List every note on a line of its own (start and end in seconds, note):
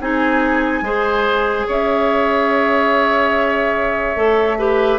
0.00 0.81 C4
0.00 0.84 D#4
0.00 0.84 G#4
0.00 1.68 G#5
0.81 1.65 G#3
0.81 4.16 G#4
0.81 1.67 C5
1.67 4.15 C#4
1.67 4.59 C#5
1.67 4.99 E5
4.15 4.99 A3
4.15 4.57 A4
4.58 4.99 G4
4.58 4.99 B4